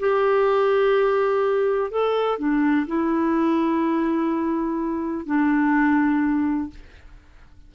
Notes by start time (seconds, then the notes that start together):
0.00 G4
1.91 A4
2.39 D4
2.87 E4
5.26 D4